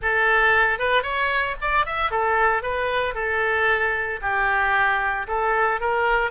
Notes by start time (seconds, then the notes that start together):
0.02 A4
0.78 B4
1.02 C#5
1.61 D5
1.85 E5
2.11 A4
2.62 B4
3.14 A4
4.21 G4
5.27 A4
5.80 A#4